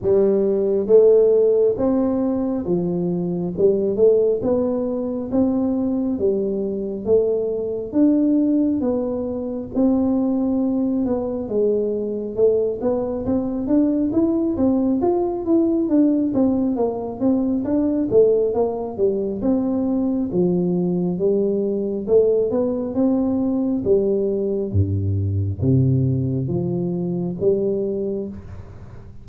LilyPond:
\new Staff \with { instrumentName = "tuba" } { \time 4/4 \tempo 4 = 68 g4 a4 c'4 f4 | g8 a8 b4 c'4 g4 | a4 d'4 b4 c'4~ | c'8 b8 gis4 a8 b8 c'8 d'8 |
e'8 c'8 f'8 e'8 d'8 c'8 ais8 c'8 | d'8 a8 ais8 g8 c'4 f4 | g4 a8 b8 c'4 g4 | g,4 c4 f4 g4 | }